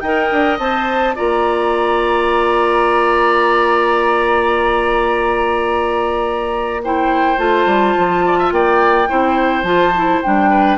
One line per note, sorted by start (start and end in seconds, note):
0.00 0.30 D#4
0.00 0.60 A#4
0.00 1.15 D#5
0.00 0.57 G5
0.31 0.59 D4
0.59 1.16 C4
0.59 1.15 C5
0.59 1.15 A5
1.15 7.38 A#3
1.15 6.81 F4
1.15 6.81 D5
1.15 6.83 A#5
6.84 7.37 E4
6.84 8.25 C5
6.84 7.38 G5
7.37 7.66 A3
7.37 9.07 F4
7.37 8.52 A5
7.66 7.94 G3
7.98 8.51 F3
8.26 8.39 D5
8.39 8.53 E5
8.51 9.08 A#3
8.51 9.09 D5
8.51 9.63 G5
9.08 9.63 C4
9.08 9.65 E4
9.08 10.50 C5
9.63 10.19 F3
9.63 9.93 F4
9.63 10.20 A5
9.96 10.24 E4
10.22 10.78 G3
10.22 10.78 D4
10.22 10.78 G5
10.50 10.78 B4